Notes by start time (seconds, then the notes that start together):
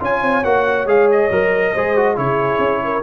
0.00 C#4 F4 C#5 G#5
0.22 C4
0.44 A#3 F#4 F#5
0.86 G#3 G#4 F5
1.11 D#5
1.31 F#3 A#4
1.73 G#3 G#4 C5
1.96 F#4
2.16 C#3 E4 G#4 C#5
2.58 C#4
2.84 A#4